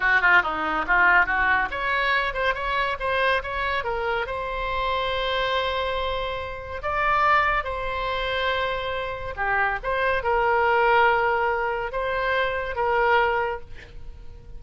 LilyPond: \new Staff \with { instrumentName = "oboe" } { \time 4/4 \tempo 4 = 141 fis'8 f'8 dis'4 f'4 fis'4 | cis''4. c''8 cis''4 c''4 | cis''4 ais'4 c''2~ | c''1 |
d''2 c''2~ | c''2 g'4 c''4 | ais'1 | c''2 ais'2 | }